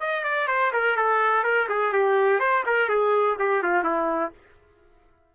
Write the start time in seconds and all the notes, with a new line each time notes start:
0.00 D#5
0.24 D5
0.47 C5
0.73 A#4
0.96 A4
1.44 A#4
1.69 G#4
1.93 G4
2.39 C5
2.66 A#4
2.89 G#4
3.39 G4
3.63 F4
3.84 E4